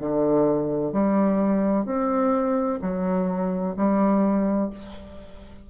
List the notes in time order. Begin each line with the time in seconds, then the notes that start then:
0.00 D3
0.92 G3
1.85 C4
2.81 F#3
3.76 G3